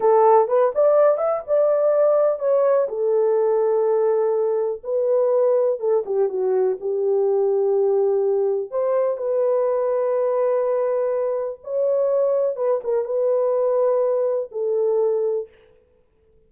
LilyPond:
\new Staff \with { instrumentName = "horn" } { \time 4/4 \tempo 4 = 124 a'4 b'8 d''4 e''8 d''4~ | d''4 cis''4 a'2~ | a'2 b'2 | a'8 g'8 fis'4 g'2~ |
g'2 c''4 b'4~ | b'1 | cis''2 b'8 ais'8 b'4~ | b'2 a'2 | }